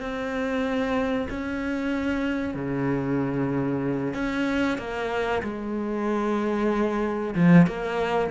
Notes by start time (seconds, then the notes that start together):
0.00 C4
1.30 C#4
2.54 C#3
4.14 C#4
4.78 A#3
5.43 G#3
7.35 F3
7.67 A#3